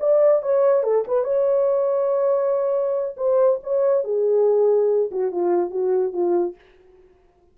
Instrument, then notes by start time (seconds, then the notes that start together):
horn
0.00 D5
0.43 C#5
0.84 A4
1.08 B4
1.24 C#5
3.17 C5
3.63 C#5
4.04 G#4
5.12 F#4
5.32 F4
5.71 F#4
6.13 F4